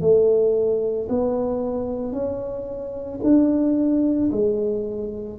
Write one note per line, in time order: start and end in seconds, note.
0.00 1.07 A3
1.09 2.12 B3
2.12 3.19 C#4
3.23 4.30 D4
4.31 5.39 G#3